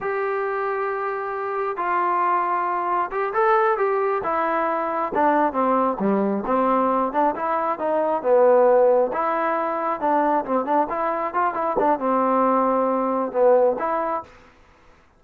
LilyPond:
\new Staff \with { instrumentName = "trombone" } { \time 4/4 \tempo 4 = 135 g'1 | f'2. g'8 a'8~ | a'8 g'4 e'2 d'8~ | d'8 c'4 g4 c'4. |
d'8 e'4 dis'4 b4.~ | b8 e'2 d'4 c'8 | d'8 e'4 f'8 e'8 d'8 c'4~ | c'2 b4 e'4 | }